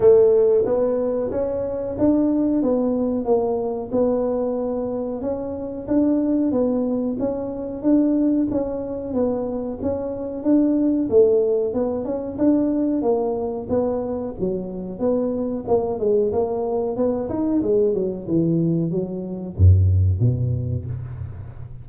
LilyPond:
\new Staff \with { instrumentName = "tuba" } { \time 4/4 \tempo 4 = 92 a4 b4 cis'4 d'4 | b4 ais4 b2 | cis'4 d'4 b4 cis'4 | d'4 cis'4 b4 cis'4 |
d'4 a4 b8 cis'8 d'4 | ais4 b4 fis4 b4 | ais8 gis8 ais4 b8 dis'8 gis8 fis8 | e4 fis4 fis,4 b,4 | }